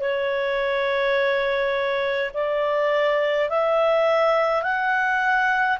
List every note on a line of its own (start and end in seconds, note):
0.00 2.31 C#5
2.34 3.49 D5
3.49 4.62 E5
4.62 5.77 F#5